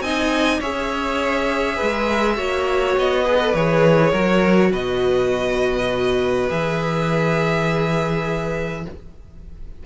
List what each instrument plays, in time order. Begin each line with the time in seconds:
0.00 cello C4, viola D#4, violin D#5 G#5
0.59 cello C#4, viola G#4, violin C#5 E5
1.75 violin B4
1.81 cello G#3
2.36 cello A#3, viola F#4, violin C#5
2.97 cello B3, violin D#5
3.23 viola G#4, violin B4
3.40 viola A4
3.54 cello E3, viola G#4, violin C#5
4.10 cello F#3, viola F#4, violin A#4
4.71 cello B2, violin B4 D#5
6.48 cello E3, viola G#4, violin E5